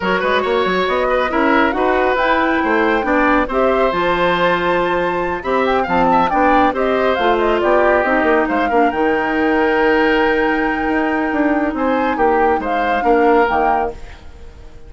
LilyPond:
<<
  \new Staff \with { instrumentName = "flute" } { \time 4/4 \tempo 4 = 138 cis''2 dis''4 e''4 | fis''4 g''2. | e''4 a''2.~ | a''8 b''8 g''8 a''4 g''4 dis''8~ |
dis''8 f''8 dis''8 d''4 dis''4 f''8~ | f''8 g''2.~ g''8~ | g''2. gis''4 | g''4 f''2 g''4 | }
  \new Staff \with { instrumentName = "oboe" } { \time 4/4 ais'8 b'8 cis''4. b'8 ais'4 | b'2 c''4 d''4 | c''1~ | c''8 e''4 f''8 e''8 d''4 c''8~ |
c''4. g'2 c''8 | ais'1~ | ais'2. c''4 | g'4 c''4 ais'2 | }
  \new Staff \with { instrumentName = "clarinet" } { \time 4/4 fis'2. e'4 | fis'4 e'2 d'4 | g'4 f'2.~ | f'8 g'4 c'4 d'4 g'8~ |
g'8 f'2 dis'4. | d'8 dis'2.~ dis'8~ | dis'1~ | dis'2 d'4 ais4 | }
  \new Staff \with { instrumentName = "bassoon" } { \time 4/4 fis8 gis8 ais8 fis8 b4 cis'4 | dis'4 e'4 a4 b4 | c'4 f2.~ | f8 c'4 f4 b4 c'8~ |
c'8 a4 b4 c'8 ais8 gis8 | ais8 dis2.~ dis8~ | dis4 dis'4 d'4 c'4 | ais4 gis4 ais4 dis4 | }
>>